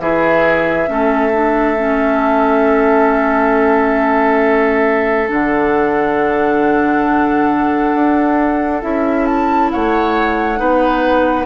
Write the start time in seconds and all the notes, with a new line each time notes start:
0.00 E3 E4 G#4 E5
0.87 A3 C#4 A4
1.33 D4
1.77 C#4
5.28 D3 D4 F#5
7.95 D4
8.82 C#4 E4 E5
9.26 A5
9.72 A3 C#5 F#5
10.57 B3 D#4 B4